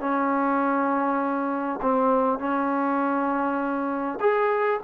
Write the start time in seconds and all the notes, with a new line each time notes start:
0.00 C#4
1.82 C4
2.39 C#4
4.21 G#4